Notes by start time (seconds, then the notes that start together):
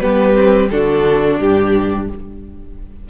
0.00 G3 B3 G4 B4
0.34 C4
0.71 D3 D4 F#4 A4
1.40 G2 G4